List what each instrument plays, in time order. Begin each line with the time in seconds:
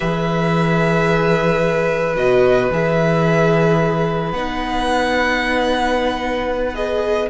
0.00 cello E3, viola G#4, violin B4 E5
2.15 cello B2, viola F#4, violin D#5
2.71 cello E3, viola G#4, violin E5
4.32 cello B3, viola D#4, violin F#5
6.74 viola G#4, violin D#5